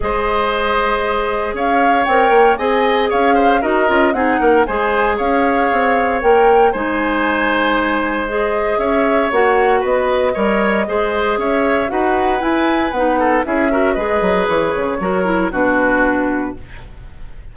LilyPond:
<<
  \new Staff \with { instrumentName = "flute" } { \time 4/4 \tempo 4 = 116 dis''2. f''4 | g''4 gis''4 f''4 dis''4 | fis''4 gis''4 f''2 | g''4 gis''2. |
dis''4 e''4 fis''4 dis''4~ | dis''2 e''4 fis''4 | gis''4 fis''4 e''4 dis''4 | cis''2 b'2 | }
  \new Staff \with { instrumentName = "oboe" } { \time 4/4 c''2. cis''4~ | cis''4 dis''4 cis''8 c''8 ais'4 | gis'8 ais'8 c''4 cis''2~ | cis''4 c''2.~ |
c''4 cis''2 b'4 | cis''4 c''4 cis''4 b'4~ | b'4. a'8 gis'8 ais'8 b'4~ | b'4 ais'4 fis'2 | }
  \new Staff \with { instrumentName = "clarinet" } { \time 4/4 gis'1 | ais'4 gis'2 fis'8 f'8 | dis'4 gis'2. | ais'4 dis'2. |
gis'2 fis'2 | ais'4 gis'2 fis'4 | e'4 dis'4 e'8 fis'8 gis'4~ | gis'4 fis'8 e'8 d'2 | }
  \new Staff \with { instrumentName = "bassoon" } { \time 4/4 gis2. cis'4 | c'8 ais8 c'4 cis'4 dis'8 cis'8 | c'8 ais8 gis4 cis'4 c'4 | ais4 gis2.~ |
gis4 cis'4 ais4 b4 | g4 gis4 cis'4 dis'4 | e'4 b4 cis'4 gis8 fis8 | e8 cis8 fis4 b,2 | }
>>